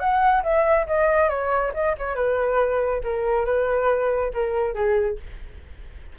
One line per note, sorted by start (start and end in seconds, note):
0.00 0.43 F#5
0.43 0.87 E5
0.87 1.29 D#5
1.29 1.73 C#5
1.74 1.96 D#5
1.98 2.15 C#5
2.15 3.02 B4
3.04 3.46 A#4
3.46 4.32 B4
4.34 4.75 A#4
4.75 5.18 G#4